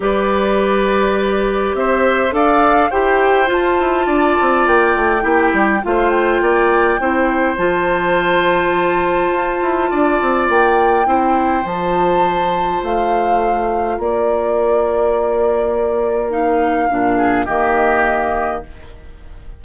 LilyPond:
<<
  \new Staff \with { instrumentName = "flute" } { \time 4/4 \tempo 4 = 103 d''2. e''4 | f''4 g''4 a''2 | g''2 f''8 g''4.~ | g''4 a''2.~ |
a''2 g''2 | a''2 f''2 | d''1 | f''2 dis''2 | }
  \new Staff \with { instrumentName = "oboe" } { \time 4/4 b'2. c''4 | d''4 c''2 d''4~ | d''4 g'4 c''4 d''4 | c''1~ |
c''4 d''2 c''4~ | c''1 | ais'1~ | ais'4. gis'8 g'2 | }
  \new Staff \with { instrumentName = "clarinet" } { \time 4/4 g'1 | a'4 g'4 f'2~ | f'4 e'4 f'2 | e'4 f'2.~ |
f'2. e'4 | f'1~ | f'1 | dis'4 d'4 ais2 | }
  \new Staff \with { instrumentName = "bassoon" } { \time 4/4 g2. c'4 | d'4 e'4 f'8 e'8 d'8 c'8 | ais8 a8 ais8 g8 a4 ais4 | c'4 f2. |
f'8 e'8 d'8 c'8 ais4 c'4 | f2 a2 | ais1~ | ais4 ais,4 dis2 | }
>>